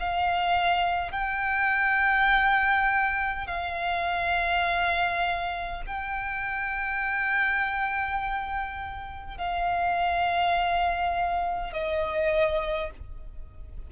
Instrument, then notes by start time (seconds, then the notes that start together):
violin
0.00 F5
1.12 G5
3.47 F5
5.87 G5
9.38 F5
11.73 D#5